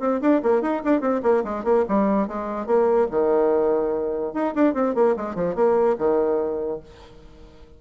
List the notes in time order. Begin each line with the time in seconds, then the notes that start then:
0.00 C4
0.21 D4
0.43 A#3
0.62 D#4
0.85 D4
1.01 C4
1.23 A#3
1.44 G#3
1.64 A#3
1.89 G3
2.28 G#3
2.67 A#3
3.11 D#3
4.34 D#4
4.55 D4
4.74 C4
4.95 A#3
5.17 G#3
5.35 F3
5.56 A#3
5.98 D#3